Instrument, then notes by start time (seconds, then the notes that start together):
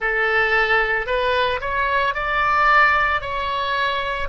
oboe
0.00 A4
1.06 B4
1.60 C#5
2.14 D5
3.21 C#5